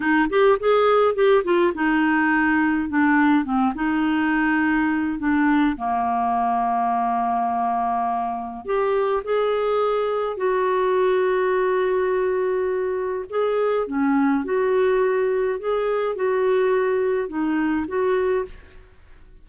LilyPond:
\new Staff \with { instrumentName = "clarinet" } { \time 4/4 \tempo 4 = 104 dis'8 g'8 gis'4 g'8 f'8 dis'4~ | dis'4 d'4 c'8 dis'4.~ | dis'4 d'4 ais2~ | ais2. g'4 |
gis'2 fis'2~ | fis'2. gis'4 | cis'4 fis'2 gis'4 | fis'2 dis'4 fis'4 | }